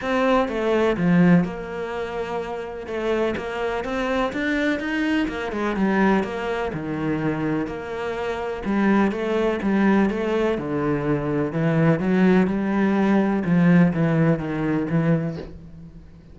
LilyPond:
\new Staff \with { instrumentName = "cello" } { \time 4/4 \tempo 4 = 125 c'4 a4 f4 ais4~ | ais2 a4 ais4 | c'4 d'4 dis'4 ais8 gis8 | g4 ais4 dis2 |
ais2 g4 a4 | g4 a4 d2 | e4 fis4 g2 | f4 e4 dis4 e4 | }